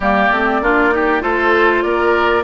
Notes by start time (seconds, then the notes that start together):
0.00 G3 A#3 G4 D5
0.31 A3 C4
0.61 A#3 D4 F4
0.91 D#4 G4
1.21 A3 F4 A4 C5
1.82 A#3 A#4 D5